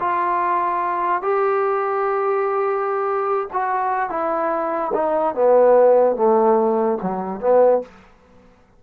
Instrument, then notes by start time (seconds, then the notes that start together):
trombone
0.00 F4
1.22 G4
3.53 F#4
4.10 E4
4.94 D#4
5.35 B3
6.16 A3
7.02 F#3
7.40 B3